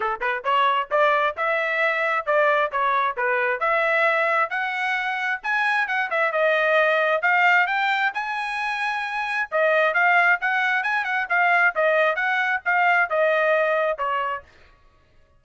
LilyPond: \new Staff \with { instrumentName = "trumpet" } { \time 4/4 \tempo 4 = 133 a'8 b'8 cis''4 d''4 e''4~ | e''4 d''4 cis''4 b'4 | e''2 fis''2 | gis''4 fis''8 e''8 dis''2 |
f''4 g''4 gis''2~ | gis''4 dis''4 f''4 fis''4 | gis''8 fis''8 f''4 dis''4 fis''4 | f''4 dis''2 cis''4 | }